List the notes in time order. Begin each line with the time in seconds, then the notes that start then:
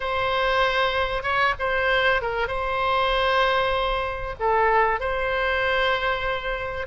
0.00 C5
1.22 C#5
1.59 C5
2.21 A#4
2.47 C5
4.39 A4
5.00 C5